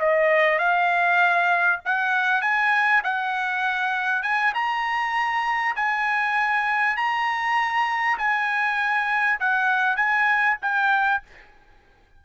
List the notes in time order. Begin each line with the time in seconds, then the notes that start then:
0.00 D#5
0.59 F5
1.85 F#5
2.42 G#5
3.04 F#5
4.23 G#5
4.55 A#5
5.76 G#5
6.97 A#5
8.19 G#5
9.40 F#5
9.97 G#5
10.62 G5